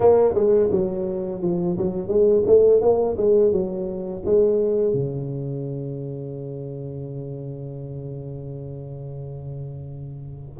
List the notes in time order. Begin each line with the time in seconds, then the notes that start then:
0.00 A#3
0.34 G#3
0.71 F#3
1.41 F3
1.77 F#3
2.08 G#3
2.46 A3
2.81 A#3
3.17 G#3
3.52 F#3
4.25 G#3
4.93 C#3